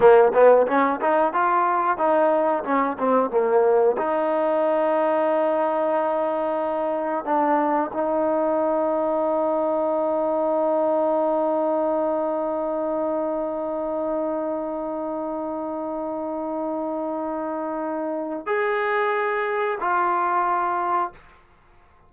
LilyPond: \new Staff \with { instrumentName = "trombone" } { \time 4/4 \tempo 4 = 91 ais8 b8 cis'8 dis'8 f'4 dis'4 | cis'8 c'8 ais4 dis'2~ | dis'2. d'4 | dis'1~ |
dis'1~ | dis'1~ | dis'1 | gis'2 f'2 | }